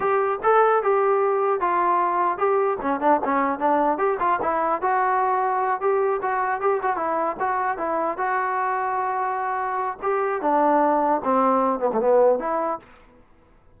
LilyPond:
\new Staff \with { instrumentName = "trombone" } { \time 4/4 \tempo 4 = 150 g'4 a'4 g'2 | f'2 g'4 cis'8 d'8 | cis'4 d'4 g'8 f'8 e'4 | fis'2~ fis'8 g'4 fis'8~ |
fis'8 g'8 fis'8 e'4 fis'4 e'8~ | e'8 fis'2.~ fis'8~ | fis'4 g'4 d'2 | c'4. b16 a16 b4 e'4 | }